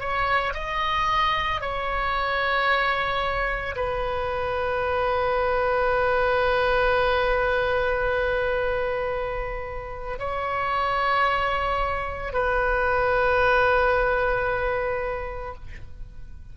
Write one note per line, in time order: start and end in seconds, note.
0.00 0.54 C#5
0.54 1.61 D#5
1.61 3.75 C#5
3.75 10.18 B4
10.19 12.33 C#5
12.33 15.55 B4